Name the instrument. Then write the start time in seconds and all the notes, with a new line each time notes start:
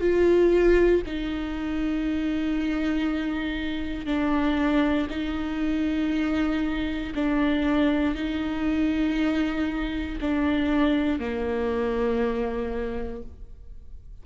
viola
0.00 F4
1.06 D#4
4.05 D4
5.09 D#4
7.15 D4
8.15 D#4
10.21 D4
11.19 A#3